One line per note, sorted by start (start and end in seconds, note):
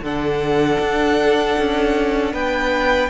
0.00 0.77 D3
0.00 3.09 D4
0.00 2.32 A4
0.00 2.34 F#5
0.79 1.56 D4
1.58 2.33 C#4
2.32 3.09 B3
2.32 3.09 B4
2.32 3.09 G5